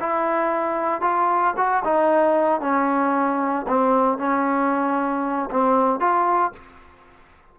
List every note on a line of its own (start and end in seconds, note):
0.00 1.01 E4
1.01 1.54 F4
1.56 1.83 F#4
1.84 2.61 D#4
2.61 3.66 C#4
3.67 4.18 C4
4.18 5.50 C#4
5.50 6.00 C4
6.00 6.52 F4